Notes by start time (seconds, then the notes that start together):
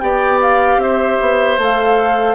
0.00 B3 G4 D5 G5
0.42 F5
0.78 C4 C5 E5
1.21 B3
1.58 A3 A4 F5